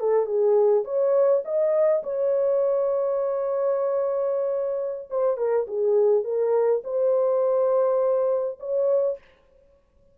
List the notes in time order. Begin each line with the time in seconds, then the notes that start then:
0.00 A4
0.26 G#4
0.85 C#5
1.45 D#5
2.03 C#5
5.10 C5
5.38 A#4
5.67 G#4
6.24 A#4
6.84 C5
8.60 C#5